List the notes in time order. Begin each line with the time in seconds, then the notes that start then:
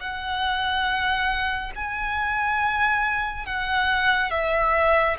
0.00 F#5
1.75 G#5
3.46 F#5
4.31 E5